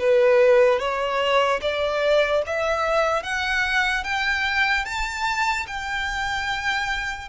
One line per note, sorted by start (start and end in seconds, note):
0.00 0.80 B4
0.80 1.61 C#5
1.62 2.43 D5
2.47 3.23 E5
3.23 4.04 F#5
4.04 4.85 G5
4.85 5.66 A5
5.68 7.29 G5